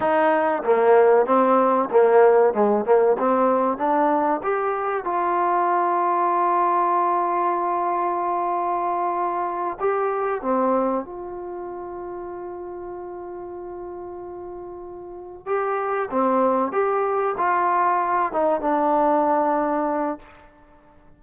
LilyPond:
\new Staff \with { instrumentName = "trombone" } { \time 4/4 \tempo 4 = 95 dis'4 ais4 c'4 ais4 | gis8 ais8 c'4 d'4 g'4 | f'1~ | f'2.~ f'8 g'8~ |
g'8 c'4 f'2~ f'8~ | f'1~ | f'8 g'4 c'4 g'4 f'8~ | f'4 dis'8 d'2~ d'8 | }